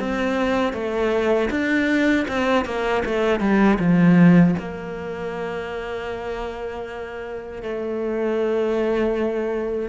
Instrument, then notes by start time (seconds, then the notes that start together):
cello
0.00 C4
0.74 A3
1.51 D4
2.28 C4
2.65 A#3
3.06 A3
3.40 G3
3.80 F3
4.59 A#3
7.63 A3